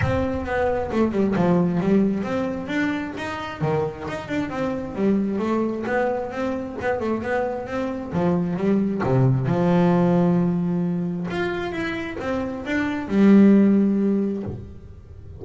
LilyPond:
\new Staff \with { instrumentName = "double bass" } { \time 4/4 \tempo 4 = 133 c'4 b4 a8 g8 f4 | g4 c'4 d'4 dis'4 | dis4 dis'8 d'8 c'4 g4 | a4 b4 c'4 b8 a8 |
b4 c'4 f4 g4 | c4 f2.~ | f4 f'4 e'4 c'4 | d'4 g2. | }